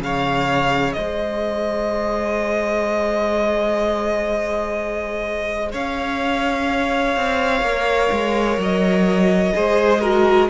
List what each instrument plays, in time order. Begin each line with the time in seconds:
0.00 cello C#3, viola G#4, violin C#5 F5
0.93 cello G#3, violin C5 D#5
5.71 cello C#4, violin C#5 F5
7.16 cello C4
7.61 cello A#3, viola A#4
8.11 cello G#3
8.57 cello F#3, violin D#5
9.53 cello G#3, viola G#4, violin C5
10.00 viola F#4, violin A#4